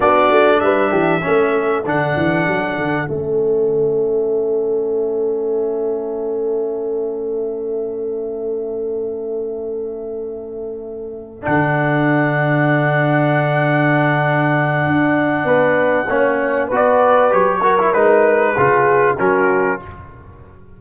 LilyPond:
<<
  \new Staff \with { instrumentName = "trumpet" } { \time 4/4 \tempo 4 = 97 d''4 e''2 fis''4~ | fis''4 e''2.~ | e''1~ | e''1~ |
e''2~ e''8 fis''4.~ | fis''1~ | fis''2. d''4 | cis''4 b'2 ais'4 | }
  \new Staff \with { instrumentName = "horn" } { \time 4/4 fis'4 b'8 g'8 a'2~ | a'1~ | a'1~ | a'1~ |
a'1~ | a'1~ | a'4 b'4 cis''4 b'4~ | b'8 ais'4. gis'4 fis'4 | }
  \new Staff \with { instrumentName = "trombone" } { \time 4/4 d'2 cis'4 d'4~ | d'4 cis'2.~ | cis'1~ | cis'1~ |
cis'2~ cis'8 d'4.~ | d'1~ | d'2 cis'4 fis'4 | g'8 fis'16 e'16 dis'4 f'4 cis'4 | }
  \new Staff \with { instrumentName = "tuba" } { \time 4/4 b8 a8 g8 e8 a4 d8 e8 | fis8 d8 a2.~ | a1~ | a1~ |
a2~ a8 d4.~ | d1 | d'4 b4 ais4 b4 | fis4 gis4 cis4 fis4 | }
>>